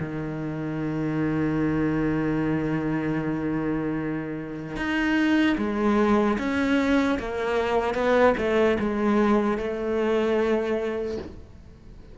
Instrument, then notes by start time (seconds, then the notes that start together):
cello
0.00 D#3
4.76 D#4
5.58 G#3
6.39 C#4
7.19 A#3
7.95 B3
8.38 A3
8.80 G#3
9.58 A3